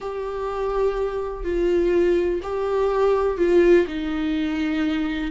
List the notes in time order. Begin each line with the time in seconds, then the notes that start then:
0.00 G4
1.44 F4
2.42 G4
3.37 F4
3.87 D#4